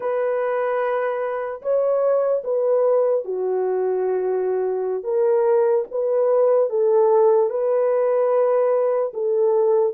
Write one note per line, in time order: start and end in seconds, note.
0.00 1.61 B4
1.61 2.43 C#5
2.44 3.24 B4
3.24 5.03 F#4
5.03 5.84 A#4
5.91 6.69 B4
6.69 7.50 A4
7.50 9.12 B4
9.13 9.93 A4